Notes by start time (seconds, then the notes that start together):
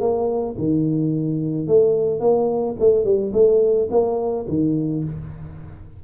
0.00 A#3
0.58 D#3
1.67 A3
2.20 A#3
2.79 A3
3.04 G3
3.33 A3
3.90 A#3
4.48 D#3